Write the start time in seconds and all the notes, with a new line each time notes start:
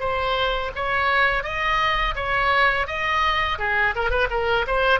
0.00 C5
0.75 C#5
1.44 D#5
2.16 C#5
2.87 D#5
3.59 G#4
3.96 A#4
4.10 B4
4.30 A#4
4.68 C5